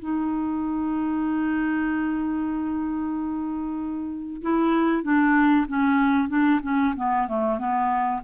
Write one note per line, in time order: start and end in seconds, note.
0.00 4.42 D#4
4.42 5.04 E4
5.04 5.67 D4
5.68 6.29 C#4
6.29 6.61 D4
6.63 6.95 C#4
6.97 7.28 B3
7.28 7.59 A3
7.59 8.22 B3